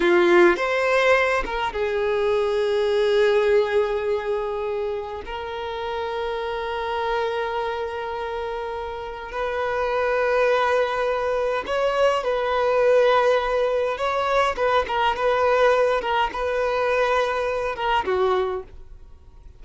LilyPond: \new Staff \with { instrumentName = "violin" } { \time 4/4 \tempo 4 = 103 f'4 c''4. ais'8 gis'4~ | gis'1~ | gis'4 ais'2.~ | ais'1 |
b'1 | cis''4 b'2. | cis''4 b'8 ais'8 b'4. ais'8 | b'2~ b'8 ais'8 fis'4 | }